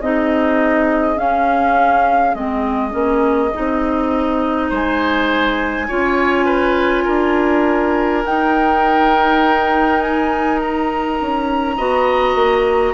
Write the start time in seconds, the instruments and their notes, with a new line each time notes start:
0.00 bassoon C4, clarinet D#4, oboe G#4, flute D#5
1.16 clarinet C#4, bassoon C#4, flute F5
2.35 bassoon G#3, clarinet C4, flute D#5
2.91 bassoon A#3, clarinet C#4
3.54 bassoon C4, clarinet D#4
4.70 bassoon G#3, oboe C5, flute G#5
5.88 bassoon C#4, clarinet F4, oboe C#5
6.46 oboe B4
7.05 bassoon D4, oboe A#4
8.25 clarinet D#4, bassoon D#4, flute G5
10.01 flute G#5
10.60 flute A#5
11.21 bassoon C#4
11.77 bassoon B3, clarinet F#4, oboe D#5
12.35 bassoon A#3